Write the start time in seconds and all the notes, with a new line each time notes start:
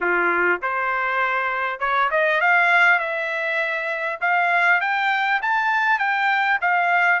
0.01 F4
0.62 C5
1.79 C#5
2.10 D#5
2.40 F5
2.99 E5
4.21 F5
4.80 G5
5.42 A5
5.98 G5
6.61 F5